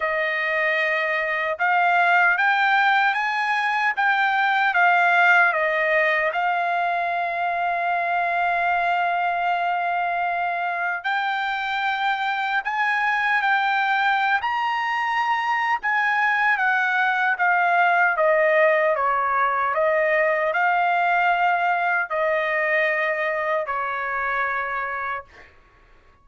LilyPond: \new Staff \with { instrumentName = "trumpet" } { \time 4/4 \tempo 4 = 76 dis''2 f''4 g''4 | gis''4 g''4 f''4 dis''4 | f''1~ | f''2 g''2 |
gis''4 g''4~ g''16 ais''4.~ ais''16 | gis''4 fis''4 f''4 dis''4 | cis''4 dis''4 f''2 | dis''2 cis''2 | }